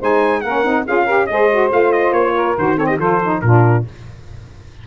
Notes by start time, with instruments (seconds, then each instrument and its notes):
0.00 tuba G#3, saxophone D#4 C5, trumpet G#5
0.41 tuba A#3, saxophone C#4 A#4, trumpet F#5
0.64 tuba C4, saxophone D#4
0.86 tuba C#4, saxophone F4 G#4, trumpet F5
1.05 saxophone G4 A#4
1.27 tuba G#3, saxophone G#4 C5, trumpet D#5
1.51 saxophone F#4
1.70 tuba A3, saxophone F4, trumpet F5
1.92 trumpet D#5
2.12 tuba A#3, trumpet C#5
2.34 saxophone A#4
2.57 tuba D#3, saxophone F#4, trumpet C5
2.77 saxophone C4 A4, trumpet C#5
2.87 saxophone G4, trumpet D#5
2.98 tuba F3, saxophone F4 A4, trumpet C5
3.23 saxophone D#4
3.41 tuba A#2, saxophone D4 F4, trumpet A#4